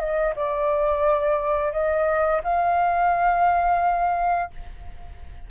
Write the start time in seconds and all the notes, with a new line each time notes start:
0.00 D#5
0.36 D5
1.73 D#5
2.44 F5